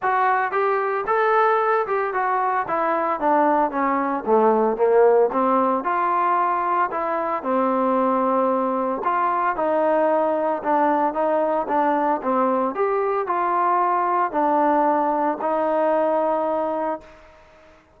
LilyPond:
\new Staff \with { instrumentName = "trombone" } { \time 4/4 \tempo 4 = 113 fis'4 g'4 a'4. g'8 | fis'4 e'4 d'4 cis'4 | a4 ais4 c'4 f'4~ | f'4 e'4 c'2~ |
c'4 f'4 dis'2 | d'4 dis'4 d'4 c'4 | g'4 f'2 d'4~ | d'4 dis'2. | }